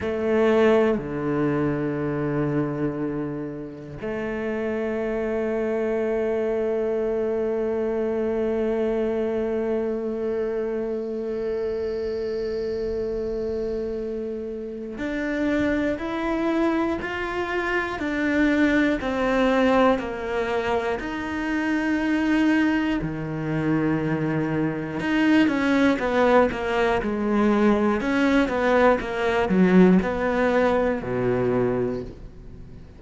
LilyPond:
\new Staff \with { instrumentName = "cello" } { \time 4/4 \tempo 4 = 60 a4 d2. | a1~ | a1~ | a2. d'4 |
e'4 f'4 d'4 c'4 | ais4 dis'2 dis4~ | dis4 dis'8 cis'8 b8 ais8 gis4 | cis'8 b8 ais8 fis8 b4 b,4 | }